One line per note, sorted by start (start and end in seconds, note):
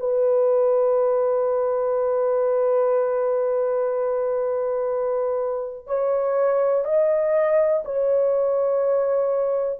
0.00 5.87 B4
5.87 6.85 C#5
6.85 7.83 D#5
7.85 9.80 C#5